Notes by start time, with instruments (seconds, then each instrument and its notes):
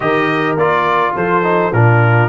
0.00 tuba D#3, trombone G4, horn A#4, trumpet D#5
0.56 tuba A#3, trombone F4, trumpet D5
1.15 tuba F3, horn A4, trumpet C5
1.43 trombone D#4
1.72 tuba A#2, trombone D4, horn F4, trumpet A#4